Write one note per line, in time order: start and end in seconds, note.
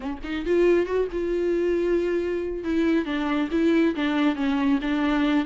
0.00 0.18 C#4
0.23 0.45 D#4
0.45 0.85 F4
0.85 1.07 F#4
1.11 2.64 F4
2.64 3.05 E4
3.05 3.49 D4
3.51 3.94 E4
3.95 4.35 D4
4.35 4.79 C#4
4.81 5.45 D4